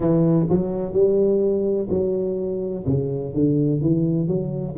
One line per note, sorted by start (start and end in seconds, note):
0.00 0.47 E3
0.49 0.93 F#3
0.93 1.88 G3
1.89 2.84 F#3
2.86 3.33 C#3
3.33 3.81 D3
3.81 4.27 E3
4.27 4.75 F#3